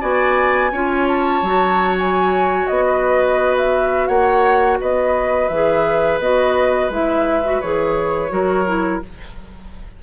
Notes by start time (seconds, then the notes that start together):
0.00 B3 F#4 D5 G#5
0.72 C#4 F4 C#5
1.08 A5
1.42 F#3 F#4
1.99 G#5
2.67 B3 D#5
2.87 B4
3.57 E5
4.07 A#3 C#5 F#5
4.80 B3 B4 D#5
5.48 E3 G#4 E5
6.19 B3 F#4 D#5
6.89 G#3 E4 E5
7.44 F#4
7.61 E3 G#4 C#5
8.29 F#3 F#4 A#4
8.66 E4